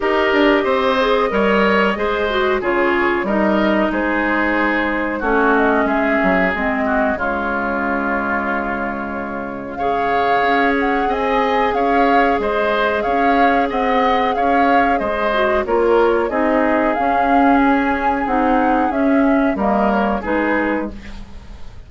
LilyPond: <<
  \new Staff \with { instrumentName = "flute" } { \time 4/4 \tempo 4 = 92 dis''1 | cis''4 dis''4 c''2 | cis''8 dis''8 e''4 dis''4 cis''4~ | cis''2. f''4~ |
f''8 fis''8 gis''4 f''4 dis''4 | f''4 fis''4 f''4 dis''4 | cis''4 dis''4 f''4 gis''4 | fis''4 e''4 dis''8 cis''8 b'4 | }
  \new Staff \with { instrumentName = "oboe" } { \time 4/4 ais'4 c''4 cis''4 c''4 | gis'4 ais'4 gis'2 | fis'4 gis'4. fis'8 f'4~ | f'2. cis''4~ |
cis''4 dis''4 cis''4 c''4 | cis''4 dis''4 cis''4 c''4 | ais'4 gis'2.~ | gis'2 ais'4 gis'4 | }
  \new Staff \with { instrumentName = "clarinet" } { \time 4/4 g'4. gis'8 ais'4 gis'8 fis'8 | f'4 dis'2. | cis'2 c'4 gis4~ | gis2. gis'4~ |
gis'1~ | gis'2.~ gis'8 fis'8 | f'4 dis'4 cis'2 | dis'4 cis'4 ais4 dis'4 | }
  \new Staff \with { instrumentName = "bassoon" } { \time 4/4 dis'8 d'8 c'4 g4 gis4 | cis4 g4 gis2 | a4 gis8 fis8 gis4 cis4~ | cis1 |
cis'4 c'4 cis'4 gis4 | cis'4 c'4 cis'4 gis4 | ais4 c'4 cis'2 | c'4 cis'4 g4 gis4 | }
>>